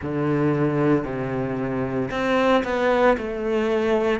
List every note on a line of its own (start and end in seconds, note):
0.01 1.04 D3
1.04 2.10 C3
2.11 2.63 C4
2.64 3.16 B3
3.17 4.20 A3